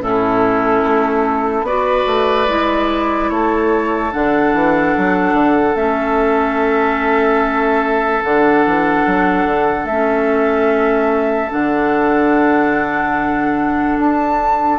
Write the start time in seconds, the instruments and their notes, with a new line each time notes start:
0.00 bassoon A2, clarinet C#4, oboe E4, flute A4
0.84 bassoon A3
1.62 bassoon B3, clarinet F#4, oboe B4, flute D5
2.06 bassoon A3
2.47 bassoon G#3, clarinet E4
3.29 bassoon A3, oboe A4, flute C#5
4.11 bassoon D3, clarinet D4, flute F#5
4.53 bassoon E3
4.97 bassoon F#3
5.33 bassoon D3
5.75 bassoon A3, clarinet C#4, flute E5
8.23 bassoon D3, clarinet D4, flute F#5
8.65 bassoon E3
9.06 bassoon F#3
9.45 bassoon D3
9.84 bassoon A3, flute E5
9.90 clarinet C#4
11.49 bassoon D3, clarinet D4, flute F#5
13.98 bassoon D4, flute A5